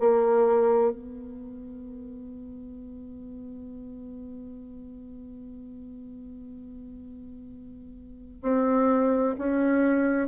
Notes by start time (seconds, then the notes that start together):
0.00 A#3
0.91 B3
8.42 C4
9.38 C#4